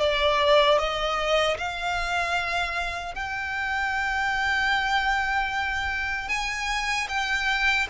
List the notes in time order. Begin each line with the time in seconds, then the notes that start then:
0.00 D5
0.79 D#5
1.58 F5
3.15 G5
6.29 G#5
7.09 G5